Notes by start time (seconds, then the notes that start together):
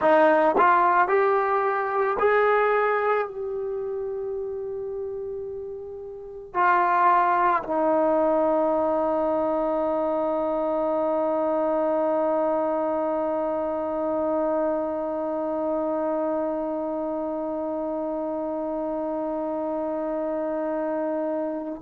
0.00 D#4
0.57 F4
1.08 G4
2.19 G#4
3.27 G4
6.54 F4
7.63 D#4